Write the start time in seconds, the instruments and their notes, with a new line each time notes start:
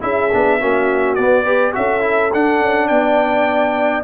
0.00 tuba C#4, trombone E4, horn G#4, trumpet E5
0.32 tuba B3, trombone D4
0.60 tuba A#3, trombone C#4, horn F#4
1.15 tuba B3, trombone B3, trumpet D5
1.44 trombone G4, horn B4
1.73 tuba C#4, trombone F#4, horn A4, trumpet E5
2.00 trombone E4
2.33 tuba D4, trombone D4, trumpet F#5
2.61 tuba C#4
2.87 tuba B3, horn D5, trumpet G5